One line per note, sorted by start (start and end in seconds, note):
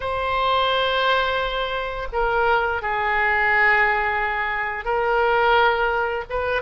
0.00 2.07 C5
2.12 2.82 A#4
2.82 4.85 G#4
4.85 6.24 A#4
6.29 6.62 B4